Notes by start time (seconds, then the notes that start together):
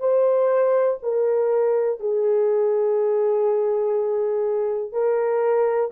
0.00 C5
1.03 A#4
2.00 G#4
4.93 A#4